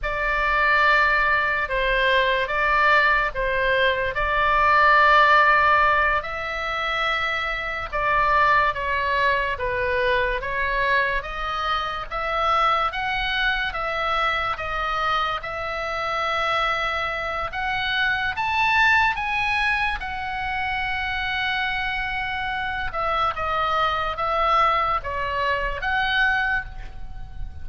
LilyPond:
\new Staff \with { instrumentName = "oboe" } { \time 4/4 \tempo 4 = 72 d''2 c''4 d''4 | c''4 d''2~ d''8 e''8~ | e''4. d''4 cis''4 b'8~ | b'8 cis''4 dis''4 e''4 fis''8~ |
fis''8 e''4 dis''4 e''4.~ | e''4 fis''4 a''4 gis''4 | fis''2.~ fis''8 e''8 | dis''4 e''4 cis''4 fis''4 | }